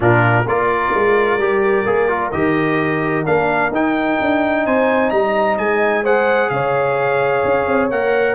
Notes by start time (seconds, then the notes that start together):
0.00 A#2 D4 F4 A#4
0.46 A#3 F4 A#4 D5
0.94 G#3
1.38 G3 G4
1.85 A#3 G#4
2.08 F4
2.31 D#3 G4 D#5
3.25 A#3 D4 F5
3.70 D#4 G5
4.20 D4
4.65 C4 C5 G#5
5.10 G3 D#5 A#5
5.58 G#3 G#5
6.03 G#4 C5 F#5
6.49 C#3 C#5 F5
7.44 C#4
7.67 C4
7.90 A#3 A#4 F#5